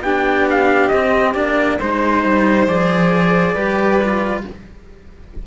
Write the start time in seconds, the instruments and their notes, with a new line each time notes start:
0.00 cello B3 D4, violin G4, trumpet G5
0.50 trumpet F5
0.88 cello C4, trumpet D#5
1.34 cello A#3 D4, trumpet D5
1.79 cello G#3 D#4, violin C5, trumpet C5
2.24 cello G3
2.67 cello F3 G#4, trumpet D5
3.53 cello G3 G4, violin B4
4.02 cello F4